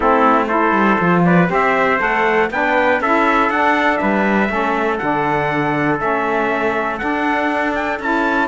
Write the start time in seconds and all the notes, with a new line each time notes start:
0.00 A3 C4 E4 A4
0.47 E4 A4 C5
0.72 G3
0.99 F3 F4
1.25 B4 D5
1.47 C4 G4 C5
1.53 E5
1.99 A3 A4 F#5
2.50 B3 D4 B4 G5
3.00 C#4 E4 A4 E5
3.49 D4 F#5
3.97 G3 B4 E5
4.48 A3 C#4 A4
4.98 D3 D4 F#5
5.98 A3 C#4 E5
6.98 D4 F#5
7.74 G5
7.99 C#4 E4 A5